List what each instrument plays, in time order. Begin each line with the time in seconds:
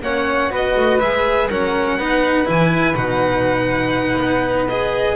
0.00 double bass A#3, cello C#4, flute C#5, violin F#5
0.49 double bass B3, cello F#4, flute B4, violin D#5
0.76 double bass A3
1.00 double bass G#3, cello G#4, violin E5
1.49 double bass F#3, cello C#4, flute A#4, violin F#5
1.97 double bass B3, cello D#4, flute B4
2.45 double bass E3, cello E4, violin G#5
2.95 double bass B2, cello D#4, violin F#5
4.16 double bass B3
4.68 cello G#4, violin D#5